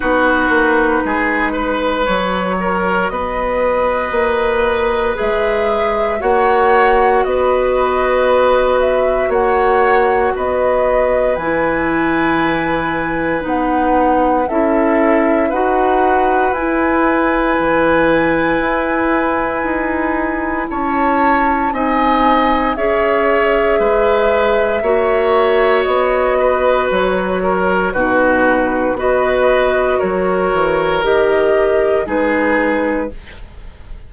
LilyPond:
<<
  \new Staff \with { instrumentName = "flute" } { \time 4/4 \tempo 4 = 58 b'2 cis''4 dis''4~ | dis''4 e''4 fis''4 dis''4~ | dis''8 e''8 fis''4 dis''4 gis''4~ | gis''4 fis''4 e''4 fis''4 |
gis''1 | a''4 gis''4 e''2~ | e''4 dis''4 cis''4 b'4 | dis''4 cis''4 dis''4 b'4 | }
  \new Staff \with { instrumentName = "oboe" } { \time 4/4 fis'4 gis'8 b'4 ais'8 b'4~ | b'2 cis''4 b'4~ | b'4 cis''4 b'2~ | b'2 a'4 b'4~ |
b'1 | cis''4 dis''4 cis''4 b'4 | cis''4. b'4 ais'8 fis'4 | b'4 ais'2 gis'4 | }
  \new Staff \with { instrumentName = "clarinet" } { \time 4/4 dis'2 fis'2~ | fis'4 gis'4 fis'2~ | fis'2. e'4~ | e'4 dis'4 e'4 fis'4 |
e'1~ | e'4 dis'4 gis'2 | fis'2. dis'4 | fis'2 g'4 dis'4 | }
  \new Staff \with { instrumentName = "bassoon" } { \time 4/4 b8 ais8 gis4 fis4 b4 | ais4 gis4 ais4 b4~ | b4 ais4 b4 e4~ | e4 b4 cis'4 dis'4 |
e'4 e4 e'4 dis'4 | cis'4 c'4 cis'4 gis4 | ais4 b4 fis4 b,4 | b4 fis8 e8 dis4 gis4 | }
>>